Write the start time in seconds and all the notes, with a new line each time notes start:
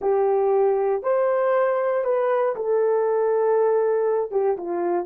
0.01 G4
1.03 C5
2.04 B4
2.55 A4
4.31 G4
4.57 F4